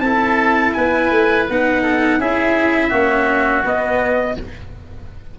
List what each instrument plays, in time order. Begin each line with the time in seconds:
0.00 tuba C4, cello E4, oboe A4, trumpet A5
0.73 tuba B3, oboe B4, trumpet G#5
1.11 tuba A3
1.50 tuba B3, cello D#4, trumpet F#5
1.82 oboe A4
2.19 tuba C#4, cello E4, oboe G#4, trumpet E5
2.89 tuba A#3, cello C#4, oboe F#4
3.65 tuba B3, cello B3, trumpet D#5